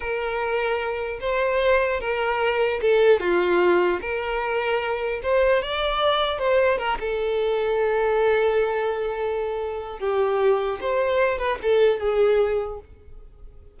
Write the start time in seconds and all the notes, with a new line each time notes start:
0.00 A#4
1.20 C5
2.00 A#4
2.81 A4
3.19 F4
4.01 A#4
5.23 C5
5.62 D5
6.39 C5
6.78 A#4
7.00 A4
9.99 G4
10.80 C5
11.38 B4
11.62 A4
11.99 G#4